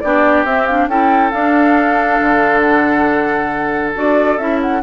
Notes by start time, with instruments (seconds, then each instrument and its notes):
0.00 bassoon B3, clarinet D4, oboe G4, flute D5
0.44 bassoon C4, clarinet C4, flute E5
0.66 clarinet D4, flute F5
0.88 bassoon C#4, clarinet E4, oboe A4, flute G5
1.31 clarinet D4, bassoon D4, flute F5
2.21 bassoon D3
2.61 flute F#5
3.95 bassoon D4, clarinet F#4, flute D5
4.38 bassoon C#4, clarinet E4, flute E5
4.61 flute F#5